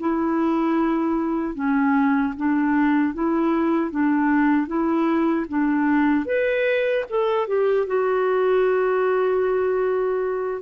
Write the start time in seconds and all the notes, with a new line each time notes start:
0.00 E4
1.55 C#4
2.37 D4
3.14 E4
3.91 D4
4.67 E4
5.49 D4
6.26 B4
7.10 A4
7.48 G4
7.87 F#4